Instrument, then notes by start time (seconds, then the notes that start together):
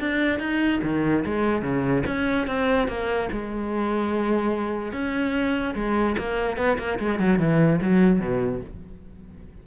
cello
0.00 D4
0.39 D#4
0.83 D#3
1.26 G#3
1.62 C#3
2.07 C#4
2.47 C4
2.88 A#3
3.32 G#3
4.93 C#4
5.75 G#3
6.18 A#3
6.57 B3
6.79 A#3
7.00 G#3
7.20 F#3
7.39 E3
7.82 F#3
8.20 B2